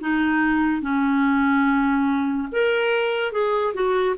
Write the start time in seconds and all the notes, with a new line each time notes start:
0.00 D#4
0.81 C#4
2.52 A#4
3.32 G#4
3.74 F#4